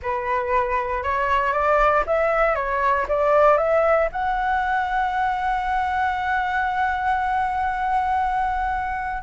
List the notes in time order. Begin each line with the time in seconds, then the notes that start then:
0.02 B4
1.03 C#5
1.52 D5
2.06 E5
2.55 C#5
3.08 D5
3.57 E5
4.11 F#5